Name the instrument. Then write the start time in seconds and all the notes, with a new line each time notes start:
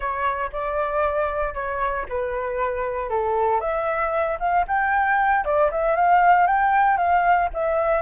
flute
0.00 C#5
0.52 D5
1.54 C#5
2.09 B4
3.09 A4
3.60 E5
4.39 F5
4.67 G5
5.44 D5
5.71 E5
5.95 F5
6.47 G5
6.97 F5
7.53 E5